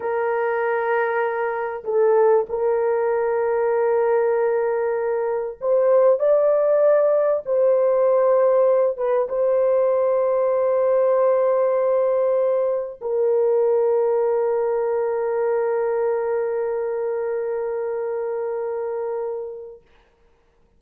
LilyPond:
\new Staff \with { instrumentName = "horn" } { \time 4/4 \tempo 4 = 97 ais'2. a'4 | ais'1~ | ais'4 c''4 d''2 | c''2~ c''8 b'8 c''4~ |
c''1~ | c''4 ais'2.~ | ais'1~ | ais'1 | }